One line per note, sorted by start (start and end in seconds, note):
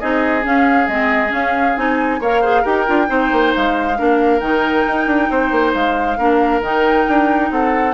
0.00 0.45 C4
0.00 0.42 D#4
0.00 2.21 G#4
0.00 0.44 D#5
0.42 0.86 C#4
0.42 0.88 C#4
0.42 0.87 F5
0.87 1.32 G#3
0.87 1.28 C4
0.87 1.32 D#5
1.28 1.72 C#4
1.28 1.76 C#4
1.28 1.77 F5
1.76 2.20 C4
1.76 2.21 D#4
1.76 2.21 G#5
2.20 2.64 A#3
2.20 2.43 A#4
2.20 2.41 C#5
2.20 2.65 F5
2.41 2.64 G#4
2.41 2.62 C5
2.62 2.88 D#4
2.62 2.86 G4
2.62 3.06 A#4
2.62 3.53 G5
2.87 3.10 D4
2.87 3.07 F4
3.07 3.32 C4
3.07 3.95 D#4
3.07 3.98 C5
3.32 3.54 A#3
3.55 4.00 G#3
3.55 4.40 F5
3.97 4.41 A#3
3.97 4.41 D4
3.97 5.30 A#4
4.40 4.85 D#3
4.40 6.17 D#4
4.40 5.72 G5
4.88 5.07 D#4
5.07 5.29 D4
5.30 5.51 C4
5.30 6.18 C5
5.51 5.73 A#3
5.74 6.18 G#3
5.74 6.62 F5
6.18 6.61 A#3
6.18 6.63 D4
6.18 7.50 A#4
6.61 7.05 D#3
6.61 7.94 D#4
6.61 7.51 G5
7.08 7.51 D4
7.51 7.94 C4
7.51 7.94 A4
7.51 7.94 F#5